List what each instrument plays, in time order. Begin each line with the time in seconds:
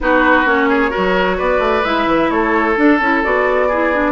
0.00 bassoon B3, clarinet D#4, oboe F#4, flute B4
0.45 bassoon A#3, clarinet C#4, flute C#5
0.69 oboe G#4
0.89 clarinet F#4, oboe A#4
0.97 bassoon F#3
1.37 bassoon B3, oboe B4, flute D5
1.59 bassoon A3
1.84 bassoon G#3, clarinet E4, flute E5
2.06 bassoon E3
2.30 bassoon A3, oboe A4, flute C#5
2.76 clarinet D4, bassoon D4, flute A4
3.00 bassoon C#4, clarinet E4
3.23 bassoon B3, clarinet F#4, flute D5
3.67 clarinet E4, oboe G#4
3.93 clarinet D4